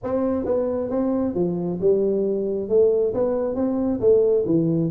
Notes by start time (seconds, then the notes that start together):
0.03 C4
0.45 B3
0.90 C4
1.34 F3
1.80 G3
2.69 A3
3.14 B3
3.55 C4
4.00 A3
4.46 E3